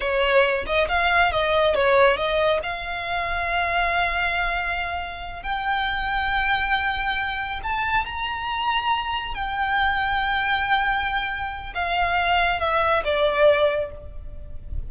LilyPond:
\new Staff \with { instrumentName = "violin" } { \time 4/4 \tempo 4 = 138 cis''4. dis''8 f''4 dis''4 | cis''4 dis''4 f''2~ | f''1~ | f''8 g''2.~ g''8~ |
g''4. a''4 ais''4.~ | ais''4. g''2~ g''8~ | g''2. f''4~ | f''4 e''4 d''2 | }